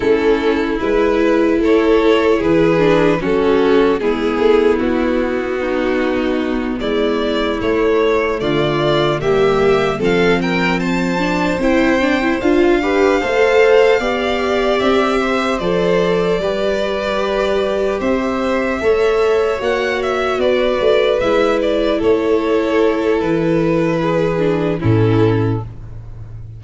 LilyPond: <<
  \new Staff \with { instrumentName = "violin" } { \time 4/4 \tempo 4 = 75 a'4 b'4 cis''4 b'4 | a'4 gis'4 fis'2~ | fis'8 d''4 cis''4 d''4 e''8~ | e''8 f''8 g''8 a''4 g''4 f''8~ |
f''2~ f''8 e''4 d''8~ | d''2~ d''8 e''4.~ | e''8 fis''8 e''8 d''4 e''8 d''8 cis''8~ | cis''4 b'2 a'4 | }
  \new Staff \with { instrumentName = "violin" } { \time 4/4 e'2 a'4 gis'4 | fis'4 e'2 dis'4~ | dis'8 e'2 f'4 g'8~ | g'8 a'8 ais'8 c''2~ c''8 |
b'8 c''4 d''4. c''4~ | c''8 b'2 c''4 cis''8~ | cis''4. b'2 a'8~ | a'2 gis'4 e'4 | }
  \new Staff \with { instrumentName = "viola" } { \time 4/4 cis'4 e'2~ e'8 d'8 | cis'4 b2.~ | b4. a2 ais8~ | ais8 c'4. d'8 e'8 d'16 e'16 f'8 |
g'8 a'4 g'2 a'8~ | a'8 g'2. a'8~ | a'8 fis'2 e'4.~ | e'2~ e'8 d'8 cis'4 | }
  \new Staff \with { instrumentName = "tuba" } { \time 4/4 a4 gis4 a4 e4 | fis4 gis8 a8 b2~ | b8 gis4 a4 d4 g8~ | g8 f2 c'4 d'8~ |
d'8 a4 b4 c'4 f8~ | f8 g2 c'4 a8~ | a8 ais4 b8 a8 gis4 a8~ | a4 e2 a,4 | }
>>